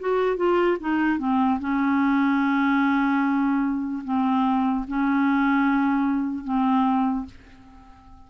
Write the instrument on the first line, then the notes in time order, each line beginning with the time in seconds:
clarinet
0.00 F#4
0.36 F4
0.80 D#4
1.19 C4
1.60 C#4
4.04 C4
4.88 C#4
6.44 C4